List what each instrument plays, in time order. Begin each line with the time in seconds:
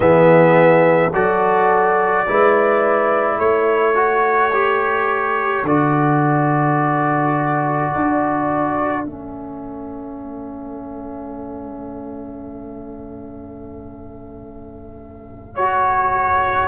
0.00 tuba E3, trombone B3, horn G#4, trumpet E5
1.13 tuba F#3, trombone F#4, horn A4, trumpet D5
2.27 tuba G#3, trombone E4, horn B4
3.37 tuba A3, horn A4, trumpet C#5
3.95 trombone F#4
4.52 trombone G4
5.63 tuba D3, trombone F#4, trumpet D5
7.95 tuba D4
9.04 tuba A3, trombone C#4, trumpet E5
15.55 trombone F#4, trumpet C#5